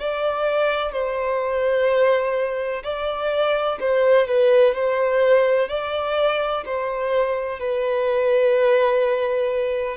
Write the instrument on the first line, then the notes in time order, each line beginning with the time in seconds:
violin
0.00 D5
0.93 C5
2.84 D5
3.81 C5
4.28 B4
4.75 C5
5.69 D5
6.65 C5
7.60 B4